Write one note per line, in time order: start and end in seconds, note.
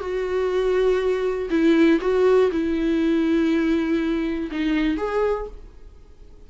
0.00 1.49 F#4
1.50 1.99 E4
2.01 2.50 F#4
2.52 4.50 E4
4.51 4.97 D#4
4.97 5.47 G#4